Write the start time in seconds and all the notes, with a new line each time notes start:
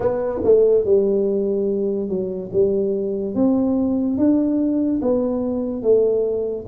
0.00 B3
0.44 A3
0.84 G3
2.08 F#3
2.52 G3
3.34 C4
4.17 D4
5.01 B3
5.82 A3